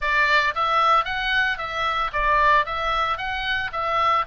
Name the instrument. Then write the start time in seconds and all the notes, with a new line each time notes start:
oboe
0.01 D5
0.54 E5
1.04 F#5
1.58 E5
2.12 D5
2.65 E5
3.17 F#5
3.72 E5